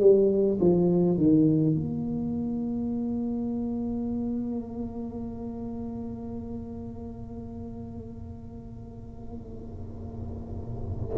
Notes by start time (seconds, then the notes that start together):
0.00 G3
0.60 F3
1.17 D#3
1.75 A#3